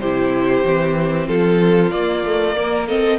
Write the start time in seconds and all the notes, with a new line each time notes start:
0.00 C3 E4 G4 C5
0.64 E3 C4
1.28 F3 F4 A4
1.91 A#3 D5
2.25 A3
2.56 A#3 A#4
2.88 C4 A4 D#5